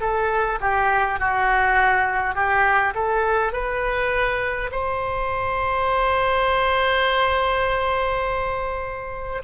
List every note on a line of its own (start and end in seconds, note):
0.00 0.59 A4
0.60 1.19 G4
1.20 2.35 F#4
2.35 2.94 G4
2.95 3.53 A4
3.53 4.71 B4
4.72 9.42 C5